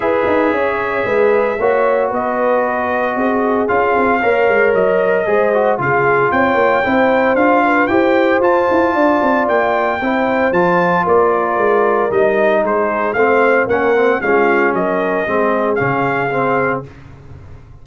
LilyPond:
<<
  \new Staff \with { instrumentName = "trumpet" } { \time 4/4 \tempo 4 = 114 e''1 | dis''2. f''4~ | f''4 dis''2 f''4 | g''2 f''4 g''4 |
a''2 g''2 | a''4 d''2 dis''4 | c''4 f''4 fis''4 f''4 | dis''2 f''2 | }
  \new Staff \with { instrumentName = "horn" } { \time 4/4 b'4 cis''4 b'4 cis''4 | b'2 gis'2 | cis''2 c''4 gis'4 | cis''4 c''4. b'8 c''4~ |
c''4 d''2 c''4~ | c''4 ais'2. | gis'4 c''4 ais'4 f'4 | ais'4 gis'2. | }
  \new Staff \with { instrumentName = "trombone" } { \time 4/4 gis'2. fis'4~ | fis'2. f'4 | ais'2 gis'8 fis'8 f'4~ | f'4 e'4 f'4 g'4 |
f'2. e'4 | f'2. dis'4~ | dis'4 c'4 cis'8 c'8 cis'4~ | cis'4 c'4 cis'4 c'4 | }
  \new Staff \with { instrumentName = "tuba" } { \time 4/4 e'8 dis'8 cis'4 gis4 ais4 | b2 c'4 cis'8 c'8 | ais8 gis8 fis4 gis4 cis4 | c'8 ais8 c'4 d'4 e'4 |
f'8 e'8 d'8 c'8 ais4 c'4 | f4 ais4 gis4 g4 | gis4 a4 ais4 gis4 | fis4 gis4 cis2 | }
>>